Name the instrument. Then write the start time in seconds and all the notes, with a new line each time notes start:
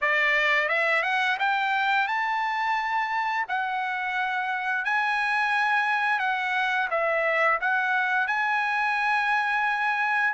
trumpet
0.01 D5
0.68 E5
1.03 F#5
1.39 G5
2.07 A5
3.48 F#5
4.84 G#5
6.19 F#5
6.90 E5
7.61 F#5
8.27 G#5